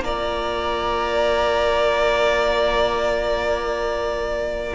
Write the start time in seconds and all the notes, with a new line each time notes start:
0.00 A#3 F4 D5 A#5